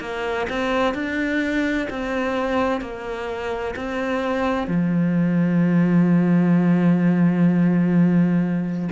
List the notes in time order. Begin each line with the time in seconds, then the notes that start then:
0.00 A#3
0.49 C4
0.94 D4
1.90 C4
2.81 A#3
3.75 C4
4.67 F3